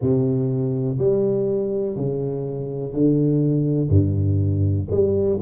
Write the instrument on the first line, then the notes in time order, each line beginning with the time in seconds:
tuba
0.00 C3
0.97 G3
1.96 C#3
2.92 D3
3.89 G2
4.90 G3